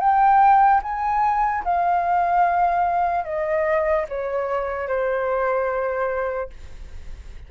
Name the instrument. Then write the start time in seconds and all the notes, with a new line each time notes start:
flute
0.00 G5
0.83 G#5
1.64 F5
3.25 D#5
4.09 C#5
4.88 C5